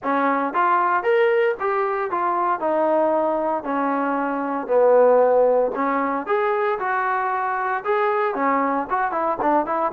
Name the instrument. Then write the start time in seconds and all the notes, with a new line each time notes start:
trombone
0.03 C#4
0.53 F4
1.03 A#4
1.59 G4
2.10 F4
2.59 D#4
3.63 C#4
4.67 B3
5.75 C#4
6.26 G#4
6.79 F#4
7.84 G#4
8.35 C#4
8.90 F#4
9.11 E4
9.41 D4
9.65 E4